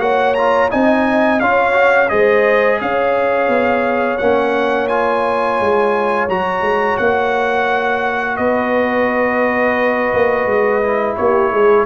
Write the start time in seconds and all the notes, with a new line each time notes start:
0.00 A#3 F#4 C#5 F#5
0.35 F4 A#5
0.70 C4 D#4 D#5 G#5
1.40 C#4 F4 C#5 F5
1.73 F#4
2.09 G#3 G#4 C5 D#5
2.81 C#4 C#5 F5
3.49 B3
4.18 A#3 C#4 F#5
4.88 F4 G#5
5.60 G#3
6.29 F#3 F#4 A#5
6.61 G#3
6.98 A#3 F#5
8.37 B3 B4 D#5
10.14 A#3
10.46 G#3
10.84 E4
11.17 A#3 G4 C#5
11.52 G#3 G#4